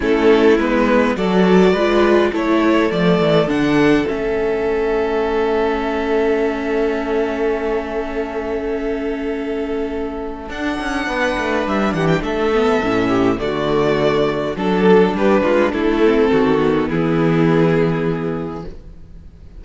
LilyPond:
<<
  \new Staff \with { instrumentName = "violin" } { \time 4/4 \tempo 4 = 103 a'4 b'4 d''2 | cis''4 d''4 fis''4 e''4~ | e''1~ | e''1~ |
e''2 fis''2 | e''8 fis''16 g''16 e''2 d''4~ | d''4 a'4 b'4 a'4~ | a'4 gis'2. | }
  \new Staff \with { instrumentName = "violin" } { \time 4/4 e'2 a'4 b'4 | a'1~ | a'1~ | a'1~ |
a'2. b'4~ | b'8 g'8 a'4. g'8 fis'4~ | fis'4 a'4 g'8 f'8 e'4 | fis'4 e'2. | }
  \new Staff \with { instrumentName = "viola" } { \time 4/4 cis'4 b4 fis'4 f'4 | e'4 a4 d'4 cis'4~ | cis'1~ | cis'1~ |
cis'2 d'2~ | d'4. b8 cis'4 a4~ | a4 d'2~ d'8 c'8~ | c'8 b2.~ b8 | }
  \new Staff \with { instrumentName = "cello" } { \time 4/4 a4 gis4 fis4 gis4 | a4 f8 e8 d4 a4~ | a1~ | a1~ |
a2 d'8 cis'8 b8 a8 | g8 e8 a4 a,4 d4~ | d4 fis4 g8 gis8 a4 | dis4 e2. | }
>>